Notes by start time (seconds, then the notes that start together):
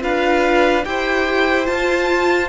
0.00 D4 F4 B4 F5
0.84 E4 G4 C5 G5
1.65 F4 A5